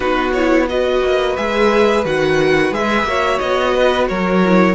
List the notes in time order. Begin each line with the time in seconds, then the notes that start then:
0.00 B3 D#4 F#4 B4
0.32 E4 C#5
0.69 F#4 B4 D#5
1.02 A#3
1.36 G#3 G#4 E5
2.05 D#3 F#4 F#5
2.71 G#3 G#4 E5
3.03 A#3 F#4 C#5
3.38 B3 D#5
3.74 B4
4.08 F#3 A#4 C#5
4.45 E4